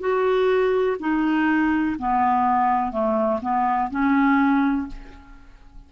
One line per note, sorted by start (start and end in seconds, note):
0.00 0.97 F#4
0.99 1.96 D#4
1.98 2.91 B3
2.91 3.40 A3
3.41 3.90 B3
3.90 4.87 C#4